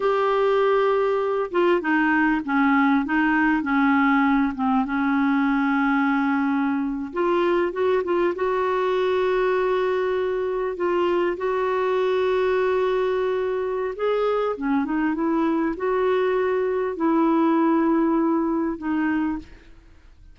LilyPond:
\new Staff \with { instrumentName = "clarinet" } { \time 4/4 \tempo 4 = 99 g'2~ g'8 f'8 dis'4 | cis'4 dis'4 cis'4. c'8 | cis'2.~ cis'8. f'16~ | f'8. fis'8 f'8 fis'2~ fis'16~ |
fis'4.~ fis'16 f'4 fis'4~ fis'16~ | fis'2. gis'4 | cis'8 dis'8 e'4 fis'2 | e'2. dis'4 | }